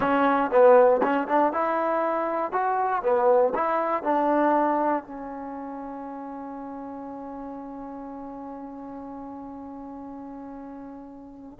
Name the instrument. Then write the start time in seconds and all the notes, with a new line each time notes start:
trombone
0.00 C#4
0.50 B3
1.02 C#4
1.27 D4
1.52 E4
2.52 F#4
3.03 B3
3.55 E4
4.03 D4
5.03 C#4